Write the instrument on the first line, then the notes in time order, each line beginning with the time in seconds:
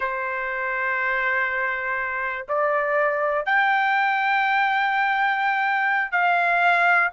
trumpet
0.00 C5
2.48 D5
3.45 G5
6.11 F5